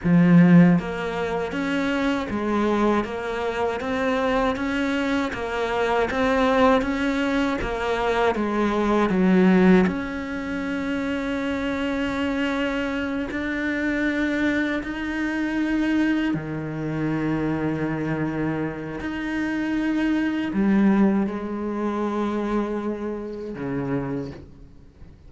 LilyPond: \new Staff \with { instrumentName = "cello" } { \time 4/4 \tempo 4 = 79 f4 ais4 cis'4 gis4 | ais4 c'4 cis'4 ais4 | c'4 cis'4 ais4 gis4 | fis4 cis'2.~ |
cis'4. d'2 dis'8~ | dis'4. dis2~ dis8~ | dis4 dis'2 g4 | gis2. cis4 | }